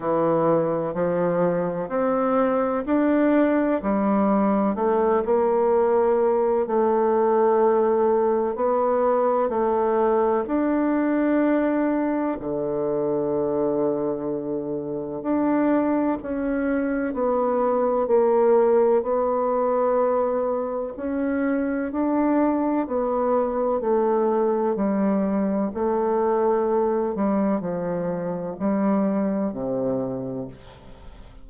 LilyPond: \new Staff \with { instrumentName = "bassoon" } { \time 4/4 \tempo 4 = 63 e4 f4 c'4 d'4 | g4 a8 ais4. a4~ | a4 b4 a4 d'4~ | d'4 d2. |
d'4 cis'4 b4 ais4 | b2 cis'4 d'4 | b4 a4 g4 a4~ | a8 g8 f4 g4 c4 | }